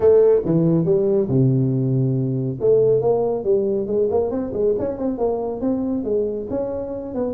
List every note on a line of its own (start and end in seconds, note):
0.00 0.41 A3
0.45 0.85 E3
0.85 1.28 G3
1.29 2.58 C3
2.60 3.01 A3
3.01 3.44 A#3
3.44 3.86 G3
3.86 4.08 G#3
4.10 4.30 A#3
4.30 4.52 C4
4.53 4.75 G#3
4.79 4.98 C#4
4.98 5.18 C4
5.18 5.60 A#3
5.60 6.03 C4
6.04 6.47 G#3
6.50 7.14 C#4
7.14 7.33 B3